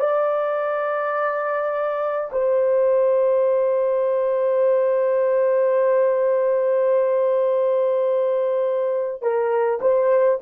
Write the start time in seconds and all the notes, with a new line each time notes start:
0.00 D5
2.32 C5
9.22 A#4
9.82 C5